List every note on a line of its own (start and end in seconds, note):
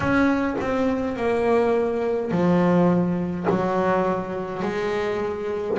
0.00 0.56 C#4
0.60 1.16 C4
1.16 2.31 A#3
2.31 3.46 F3
3.49 4.62 F#3
4.62 5.77 G#3